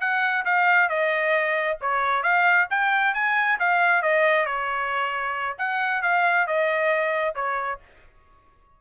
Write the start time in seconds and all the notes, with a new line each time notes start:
0.00 F#5
0.45 F5
0.89 D#5
1.81 C#5
2.23 F5
2.70 G5
3.14 G#5
3.59 F5
4.02 D#5
4.46 C#5
5.58 F#5
6.02 F5
6.47 D#5
7.35 C#5